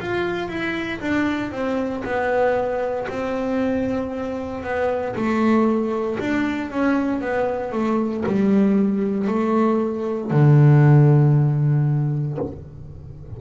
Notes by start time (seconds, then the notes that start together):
0.00 F4
0.48 E4
1.00 D4
1.51 C4
2.04 B3
3.08 C4
4.63 B3
5.15 A3
6.19 D4
6.70 C#4
7.21 B3
7.72 A3
8.26 G3
9.28 A3
10.31 D3